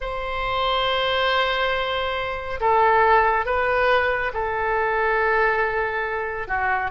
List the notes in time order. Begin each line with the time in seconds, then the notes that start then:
0.01 C5
2.60 A4
3.45 B4
4.33 A4
6.47 F#4